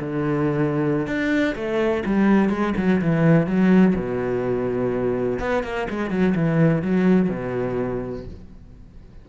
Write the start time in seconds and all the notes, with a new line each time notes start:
0.00 D3
1.07 D4
1.55 A3
2.05 G3
2.49 G#3
2.77 F#3
3.01 E3
3.46 F#3
3.95 B2
5.39 B3
5.63 A#3
5.89 G#3
6.10 F#3
6.34 E3
6.82 F#3
7.29 B2